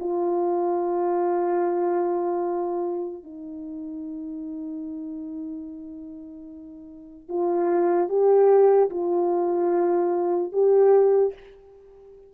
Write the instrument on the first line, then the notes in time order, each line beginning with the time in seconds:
horn
0.00 F4
3.24 D#4
7.29 F4
8.09 G4
8.90 F4
10.53 G4